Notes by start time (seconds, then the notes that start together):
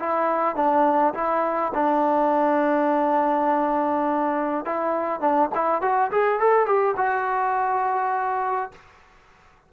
0.00 E4
0.56 D4
1.15 E4
1.74 D4
4.65 E4
5.21 D4
5.55 E4
5.82 F#4
6.12 G#4
6.40 A4
6.66 G4
6.97 F#4